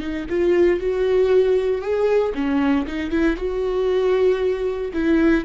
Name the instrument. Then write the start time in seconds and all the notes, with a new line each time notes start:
viola
0.00 D#4
0.30 F4
0.81 F#4
1.82 G#4
2.35 C#4
2.87 D#4
3.11 E4
3.37 F#4
4.93 E4